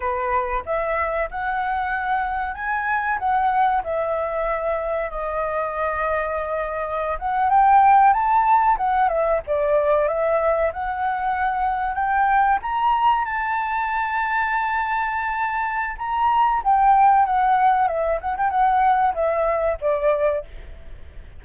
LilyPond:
\new Staff \with { instrumentName = "flute" } { \time 4/4 \tempo 4 = 94 b'4 e''4 fis''2 | gis''4 fis''4 e''2 | dis''2.~ dis''16 fis''8 g''16~ | g''8. a''4 fis''8 e''8 d''4 e''16~ |
e''8. fis''2 g''4 ais''16~ | ais''8. a''2.~ a''16~ | a''4 ais''4 g''4 fis''4 | e''8 fis''16 g''16 fis''4 e''4 d''4 | }